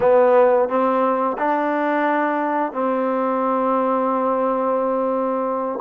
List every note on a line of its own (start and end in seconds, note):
0.00 0.68 B3
0.68 1.36 C4
1.38 2.72 D4
2.72 5.79 C4